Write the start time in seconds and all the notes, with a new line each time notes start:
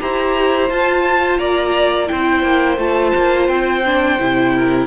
0.00 E4 G4 C5 A#5
0.70 F4 A5
1.39 A#3 D5 A#5
2.08 C4 E4 C5 G5
2.43 A#3
2.78 A3 F4 A5
3.16 A#3
3.48 C4 G5
3.86 D4
4.19 C3 E4
4.56 A#4